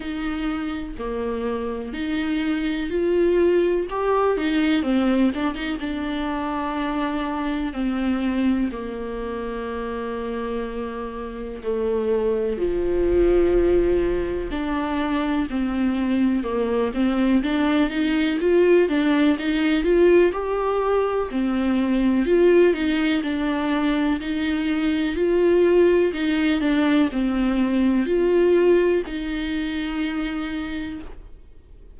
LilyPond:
\new Staff \with { instrumentName = "viola" } { \time 4/4 \tempo 4 = 62 dis'4 ais4 dis'4 f'4 | g'8 dis'8 c'8 d'16 dis'16 d'2 | c'4 ais2. | a4 f2 d'4 |
c'4 ais8 c'8 d'8 dis'8 f'8 d'8 | dis'8 f'8 g'4 c'4 f'8 dis'8 | d'4 dis'4 f'4 dis'8 d'8 | c'4 f'4 dis'2 | }